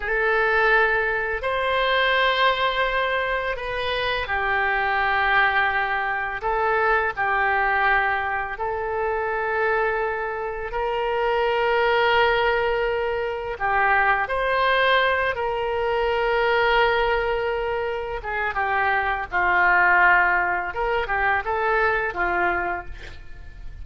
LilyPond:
\new Staff \with { instrumentName = "oboe" } { \time 4/4 \tempo 4 = 84 a'2 c''2~ | c''4 b'4 g'2~ | g'4 a'4 g'2 | a'2. ais'4~ |
ais'2. g'4 | c''4. ais'2~ ais'8~ | ais'4. gis'8 g'4 f'4~ | f'4 ais'8 g'8 a'4 f'4 | }